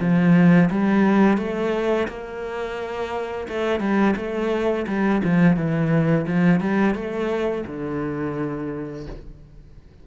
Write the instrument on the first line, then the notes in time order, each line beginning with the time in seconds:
cello
0.00 F3
0.71 G3
1.38 A3
2.08 A#3
3.49 A3
3.80 G3
4.16 A3
4.87 G3
5.24 F3
5.57 E3
6.27 F3
6.61 G3
6.95 A3
7.67 D3